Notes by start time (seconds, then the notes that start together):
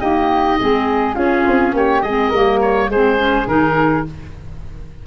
0.00 A#3 D#4 G4 D#5
0.59 G#3 C4 G#4
1.15 C#4 F4 G#4
1.48 C4
1.73 A#3 G4 C#5
2.02 G#3 G#4 D#5
2.08 C4
2.29 G3 A#3 A#4
2.62 C#5
2.89 G#3 C4 G#4 C5
3.17 C#4
3.47 D#3 D#4 A#4